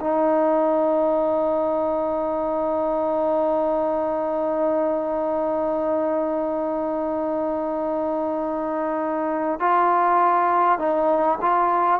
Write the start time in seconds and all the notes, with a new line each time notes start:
0.00 D#4
9.59 F4
10.78 D#4
11.42 F4